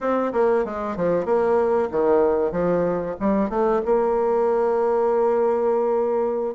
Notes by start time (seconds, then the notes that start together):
0.00 C4
0.32 A#3
0.64 G#3
0.96 F3
1.24 A#3
1.91 D#3
2.51 F3
3.20 G3
3.49 A3
3.85 A#3